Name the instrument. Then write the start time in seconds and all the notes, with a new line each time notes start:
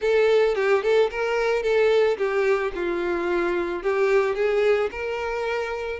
violin
0.01 A4
0.55 G4
0.82 A4
1.10 A#4
1.62 A4
2.17 G4
2.74 F4
3.82 G4
4.35 G#4
4.91 A#4